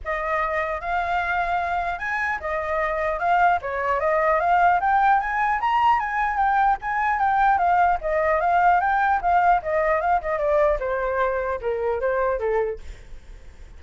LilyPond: \new Staff \with { instrumentName = "flute" } { \time 4/4 \tempo 4 = 150 dis''2 f''2~ | f''4 gis''4 dis''2 | f''4 cis''4 dis''4 f''4 | g''4 gis''4 ais''4 gis''4 |
g''4 gis''4 g''4 f''4 | dis''4 f''4 g''4 f''4 | dis''4 f''8 dis''8 d''4 c''4~ | c''4 ais'4 c''4 a'4 | }